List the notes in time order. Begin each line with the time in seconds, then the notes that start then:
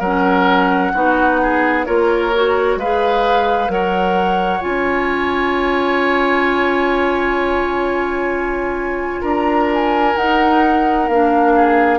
0.00 F#3 C#4 A#4 F#5
0.94 B3 D#4 F#4
1.43 G#4
1.86 A#3 F4 A#4 C#5
2.35 F#4
2.76 G#3 B4 F5
2.82 G#4
3.68 F#3 A#4 C#5 F#5
4.61 C#4 F4 G#5
9.22 D4 A#4 A#5
9.74 G#5
10.16 D#4 F#5
11.08 A#3 D4 F5
11.56 G#4